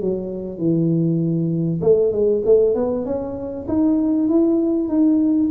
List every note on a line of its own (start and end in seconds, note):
0.00 0.57 F#3
0.57 1.80 E3
1.81 2.12 A3
2.12 2.42 G#3
2.45 2.74 A3
2.74 3.05 B3
3.05 3.66 C#4
3.68 4.28 D#4
4.28 4.88 E4
4.88 5.49 D#4